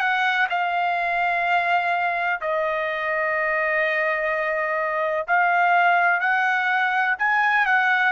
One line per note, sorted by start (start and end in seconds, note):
0.00 0.48 F#5
0.50 2.40 F5
2.41 5.26 D#5
5.27 6.20 F5
6.20 7.16 F#5
7.19 7.66 G#5
7.66 8.12 F#5